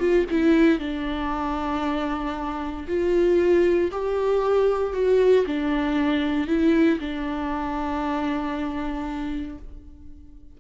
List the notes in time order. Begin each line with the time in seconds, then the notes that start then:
0.00 F4
0.31 E4
0.79 D4
2.88 F4
3.91 G4
4.94 F#4
5.46 D4
6.48 E4
7.00 D4